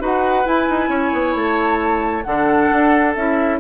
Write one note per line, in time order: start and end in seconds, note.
0.00 0.46 D#4
0.00 0.44 F#4
0.00 0.90 B4
0.00 0.47 F#5
0.44 2.23 E4
0.44 0.69 E4
0.44 1.36 G#5
0.69 0.89 D#4
0.89 1.11 C#4
0.89 2.24 C#5
1.13 1.35 B3
1.35 2.25 A3
1.35 2.23 A5
2.23 2.71 D3
2.23 3.16 D4
2.23 3.60 A4
2.23 3.13 F#5
2.72 3.17 D4
3.16 3.60 C#4
3.16 3.60 E4
3.16 3.60 E5